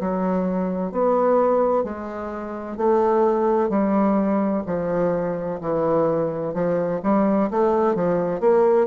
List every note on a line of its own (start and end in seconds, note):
0.00 0.92 F#3
0.92 1.84 B3
1.84 2.77 G#3
2.77 3.69 A3
3.69 4.63 G3
4.66 5.60 F3
5.60 6.54 E3
6.54 7.01 F3
7.03 7.50 G3
7.50 7.95 A3
7.95 8.40 F3
8.40 8.87 A#3